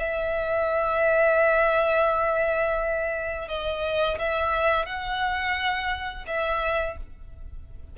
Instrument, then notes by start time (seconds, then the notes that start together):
violin
0.00 E5
3.49 D#5
4.19 E5
4.86 F#5
6.28 E5